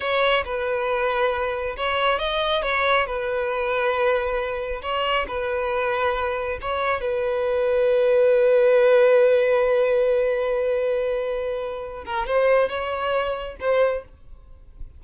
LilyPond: \new Staff \with { instrumentName = "violin" } { \time 4/4 \tempo 4 = 137 cis''4 b'2. | cis''4 dis''4 cis''4 b'4~ | b'2. cis''4 | b'2. cis''4 |
b'1~ | b'1~ | b'2.~ b'8 ais'8 | c''4 cis''2 c''4 | }